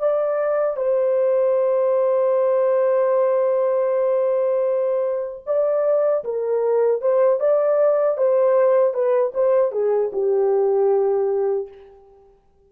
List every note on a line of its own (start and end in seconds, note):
0.00 0.77 D5
0.77 5.44 C5
5.46 6.24 D5
6.24 7.02 A#4
7.02 7.40 C5
7.40 8.17 D5
8.17 8.94 C5
8.94 9.33 B4
9.35 9.72 C5
9.72 10.11 G#4
10.13 11.68 G4